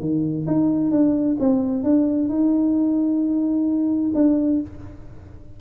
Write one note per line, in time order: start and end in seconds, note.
0.00 0.46 D#3
0.47 0.91 D#4
0.91 1.37 D4
1.39 1.84 C4
1.84 2.29 D4
2.29 4.12 D#4
4.15 4.60 D4